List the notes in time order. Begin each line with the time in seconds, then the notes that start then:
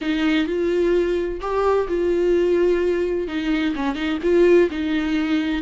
0.01 D#4
0.46 F4
1.40 G4
1.87 F4
3.27 D#4
3.75 C#4
3.95 D#4
4.22 F4
4.70 D#4